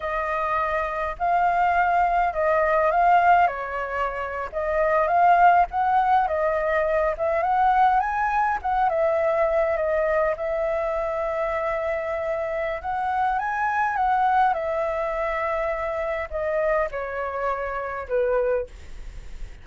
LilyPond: \new Staff \with { instrumentName = "flute" } { \time 4/4 \tempo 4 = 103 dis''2 f''2 | dis''4 f''4 cis''4.~ cis''16 dis''16~ | dis''8. f''4 fis''4 dis''4~ dis''16~ | dis''16 e''8 fis''4 gis''4 fis''8 e''8.~ |
e''8. dis''4 e''2~ e''16~ | e''2 fis''4 gis''4 | fis''4 e''2. | dis''4 cis''2 b'4 | }